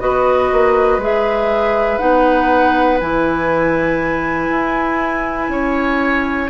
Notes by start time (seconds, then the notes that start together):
0.00 B3 F#4 B4 D#5
0.52 A#3
0.98 G#3 G#4 E5
1.98 B3 D#4 F#5
3.00 E3 E4 G#5
4.50 E4
5.49 C#4 C#5